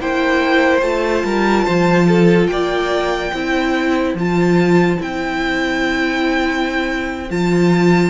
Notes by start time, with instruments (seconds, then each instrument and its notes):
0.00 cello A#3, viola E4, violin C5 G5
0.81 cello A3, viola F4, violin A5
1.24 cello G3, violin A#4
1.64 cello F3, violin C5
2.08 violin A4
2.47 cello A#3, violin D5 G5
3.33 cello C4, viola E4, violin C5
4.14 cello F3, viola F4, violin A5
4.98 cello C4, viola E4, violin G5
7.30 cello F3, viola F4, violin A5